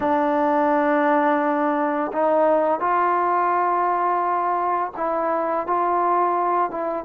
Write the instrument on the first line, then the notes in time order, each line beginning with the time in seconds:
trombone
0.00 D4
2.12 D#4
2.80 F4
4.96 E4
5.66 F4
6.71 E4